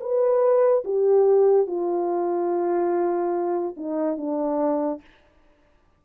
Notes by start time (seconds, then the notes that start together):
0.00 B4
0.84 G4
1.67 F4
3.77 D#4
4.17 D4